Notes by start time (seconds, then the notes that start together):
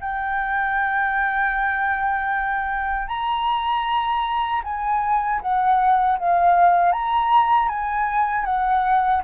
0.00 G5
3.08 A#5
4.64 G#5
5.41 F#5
6.19 F5
6.92 A#5
7.69 G#5
8.45 F#5